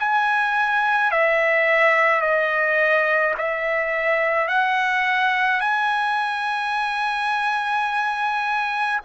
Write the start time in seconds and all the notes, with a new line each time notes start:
0.00 G#5
1.11 E5
2.22 D#5
3.38 E5
4.48 F#5
5.61 G#5